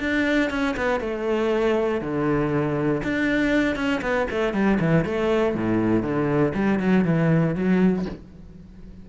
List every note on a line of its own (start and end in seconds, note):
0.00 0.50 D4
0.50 0.75 C#4
0.77 1.00 B3
1.00 2.01 A3
2.01 3.02 D3
3.03 3.76 D4
3.76 4.01 C#4
4.02 4.27 B3
4.31 4.53 A3
4.53 4.79 G3
4.80 5.05 E3
5.05 5.55 A3
5.55 6.03 A2
6.03 6.53 D3
6.54 6.79 G3
6.80 7.05 F#3
7.05 7.55 E3
7.55 8.05 F#3